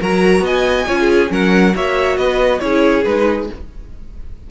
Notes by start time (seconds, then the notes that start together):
0.00 F#3 F#4 A#4 A#5
0.40 B3 D#5 G#5
0.87 C#4 F4 C#5
1.00 G#4
1.28 F#3 C#4 A#4 F#5
1.75 A#3 F#4 C#5 E5
2.17 B3 B4 D#5
2.60 C#4 E4 G#4 C#5
3.04 G#3 D#4 B4